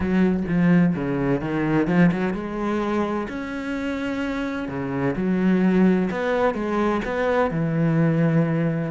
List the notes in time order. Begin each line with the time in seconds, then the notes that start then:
0.00 F#3
0.48 F3
0.95 C#3
1.41 D#3
1.87 F3
2.11 F#3
2.33 G#3
3.28 C#4
4.68 C#3
5.16 F#3
6.10 B3
6.54 G#3
7.04 B3
7.50 E3